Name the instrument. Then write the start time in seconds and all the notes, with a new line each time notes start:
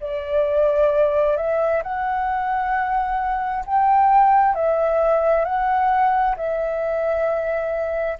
flute
0.00 D5
1.37 E5
1.82 F#5
3.66 G5
4.55 E5
5.44 F#5
6.36 E5